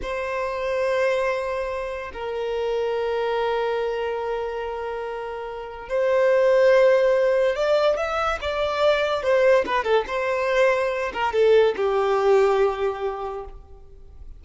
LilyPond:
\new Staff \with { instrumentName = "violin" } { \time 4/4 \tempo 4 = 143 c''1~ | c''4 ais'2.~ | ais'1~ | ais'2 c''2~ |
c''2 d''4 e''4 | d''2 c''4 b'8 a'8 | c''2~ c''8 ais'8 a'4 | g'1 | }